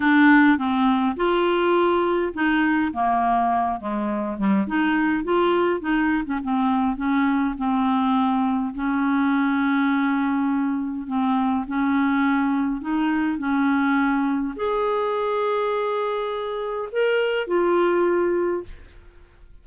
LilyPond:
\new Staff \with { instrumentName = "clarinet" } { \time 4/4 \tempo 4 = 103 d'4 c'4 f'2 | dis'4 ais4. gis4 g8 | dis'4 f'4 dis'8. cis'16 c'4 | cis'4 c'2 cis'4~ |
cis'2. c'4 | cis'2 dis'4 cis'4~ | cis'4 gis'2.~ | gis'4 ais'4 f'2 | }